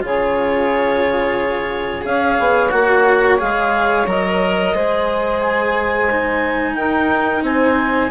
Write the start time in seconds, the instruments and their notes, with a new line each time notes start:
0.00 bassoon C#3, cello F4, saxophone G#4, clarinet C#5
2.01 bassoon C#4, cello G#4, saxophone C#5, clarinet F5
2.39 bassoon B3
2.69 bassoon A#3, cello F#4, clarinet F#5
3.38 bassoon G#3, cello G#4, clarinet F5
4.06 bassoon F#3, cello A#4, clarinet D#5
4.73 bassoon G#3, cello G#4, saxophone C5
5.40 clarinet G#5
6.10 cello D#4
6.74 bassoon D#4, saxophone A#4, clarinet G5
7.42 bassoon C4, saxophone C5, clarinet G#5